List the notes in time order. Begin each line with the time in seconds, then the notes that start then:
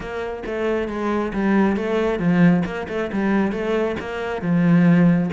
0.00 A#3
0.46 A3
0.88 G#3
1.33 G3
1.76 A3
2.19 F3
2.65 A#3
2.88 A3
3.12 G3
3.52 A3
3.99 A#3
4.41 F3